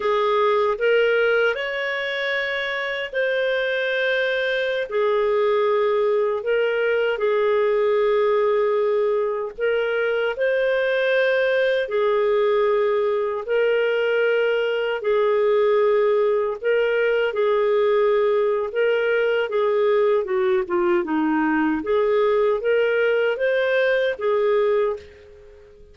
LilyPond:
\new Staff \with { instrumentName = "clarinet" } { \time 4/4 \tempo 4 = 77 gis'4 ais'4 cis''2 | c''2~ c''16 gis'4.~ gis'16~ | gis'16 ais'4 gis'2~ gis'8.~ | gis'16 ais'4 c''2 gis'8.~ |
gis'4~ gis'16 ais'2 gis'8.~ | gis'4~ gis'16 ais'4 gis'4.~ gis'16 | ais'4 gis'4 fis'8 f'8 dis'4 | gis'4 ais'4 c''4 gis'4 | }